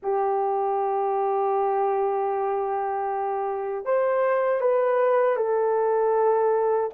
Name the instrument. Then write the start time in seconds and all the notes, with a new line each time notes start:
horn
0.02 G4
3.85 C5
4.60 B4
5.36 A4